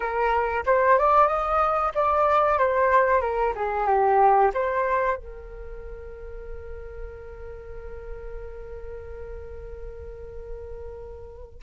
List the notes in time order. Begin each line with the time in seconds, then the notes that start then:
0.00 A#4
0.66 C5
0.98 D5
1.27 D#5
1.94 D5
2.58 C5
3.21 A#4
3.55 G#4
3.86 G4
4.54 C5
5.16 A#4